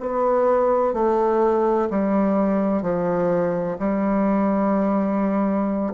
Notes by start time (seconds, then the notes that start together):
0.00 B3
0.94 A3
1.90 G3
2.82 F3
3.79 G3